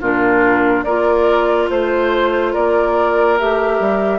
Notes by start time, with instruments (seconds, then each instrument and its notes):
0.00 bassoon A#2, clarinet D4, oboe F4, flute A#4
0.83 bassoon A#3, clarinet F4, oboe A#4, flute D5
1.70 bassoon A3, flute C5, oboe C5
2.52 bassoon A#3, oboe A#4, flute D5
3.38 bassoon A3, clarinet G4, flute E5
3.79 bassoon G3